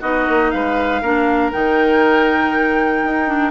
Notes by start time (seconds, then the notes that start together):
0.00 B3 D#4 F#4 D#5
0.28 A#3
0.51 G#3 B4 F5
1.01 A#3 D4 A#4
1.52 D#3 D#4 G5
3.03 D#4
3.27 D4